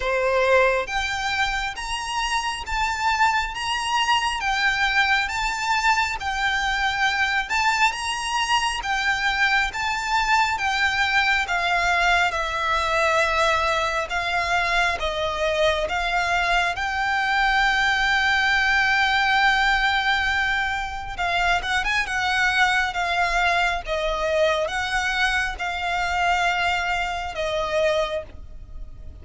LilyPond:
\new Staff \with { instrumentName = "violin" } { \time 4/4 \tempo 4 = 68 c''4 g''4 ais''4 a''4 | ais''4 g''4 a''4 g''4~ | g''8 a''8 ais''4 g''4 a''4 | g''4 f''4 e''2 |
f''4 dis''4 f''4 g''4~ | g''1 | f''8 fis''16 gis''16 fis''4 f''4 dis''4 | fis''4 f''2 dis''4 | }